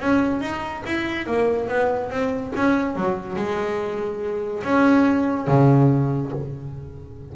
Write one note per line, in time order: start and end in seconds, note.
0.00 0.41 C#4
0.41 0.83 D#4
0.86 1.26 E4
1.26 1.68 A#3
1.68 2.10 B3
2.10 2.52 C4
2.55 2.96 C#4
2.96 3.36 F#3
3.36 4.63 G#3
4.63 5.47 C#4
5.47 6.32 C#3